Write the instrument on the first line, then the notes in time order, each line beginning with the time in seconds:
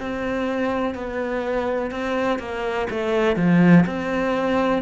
cello
0.00 C4
0.95 B3
1.91 C4
2.39 A#3
2.91 A3
3.37 F3
3.87 C4